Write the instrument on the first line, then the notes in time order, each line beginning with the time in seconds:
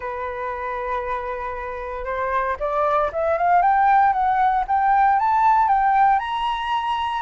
flute
0.00 B4
2.04 C5
2.59 D5
3.12 E5
3.37 F5
3.61 G5
4.12 F#5
4.67 G5
5.19 A5
5.68 G5
6.19 A#5